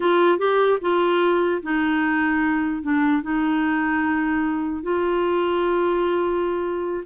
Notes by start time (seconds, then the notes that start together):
0.00 F4
0.38 G4
0.81 F4
1.62 D#4
2.82 D4
3.22 D#4
4.82 F4